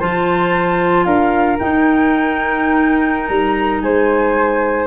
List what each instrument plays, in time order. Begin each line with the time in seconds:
0.00 tuba F3, clarinet F4, flute C5 A5
1.05 tuba D4, flute A#4 F5
1.60 clarinet D#4, tuba D#4, flute G5
3.28 tuba G3, flute A#5
3.82 tuba G#3, flute C5 G#5